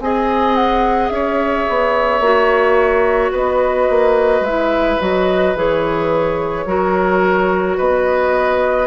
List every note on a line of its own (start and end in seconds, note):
0.00 1.10 C4
0.00 2.23 G#4
0.00 1.14 D#5
0.00 0.56 G#5
0.56 1.09 F#5
1.09 1.66 C#4
1.09 3.32 C#5
1.09 3.31 E5
1.69 2.20 B3
2.20 3.31 A#3
2.20 4.45 F#4
3.32 3.88 B3
3.32 6.65 B4
3.32 4.45 D#5
3.90 4.41 A#3
4.41 4.96 G#3
4.41 5.01 E5
4.47 5.00 E4
5.00 5.55 F#3
5.00 5.55 F#4
5.00 5.57 D#5
5.55 6.66 E3
5.55 6.67 G#4
5.55 7.78 C#5
6.66 7.77 F#3
6.66 8.87 F#4
6.66 7.78 A#4
7.78 8.87 B3
7.78 8.87 B4
7.78 8.87 D#5